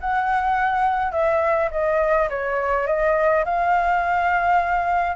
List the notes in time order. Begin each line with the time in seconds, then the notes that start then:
0.00 F#5
1.11 E5
1.71 D#5
2.29 C#5
2.86 D#5
3.44 F5